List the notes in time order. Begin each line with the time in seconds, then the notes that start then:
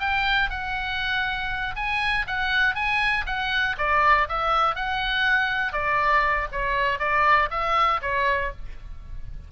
0.00 G5
0.50 F#5
1.76 G#5
2.27 F#5
2.75 G#5
3.26 F#5
3.78 D5
4.29 E5
4.75 F#5
5.73 D5
6.52 C#5
6.99 D5
7.50 E5
8.02 C#5